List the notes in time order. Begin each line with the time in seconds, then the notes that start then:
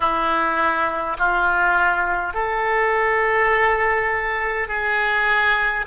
0.00 E4
1.18 F4
2.33 A4
4.67 G#4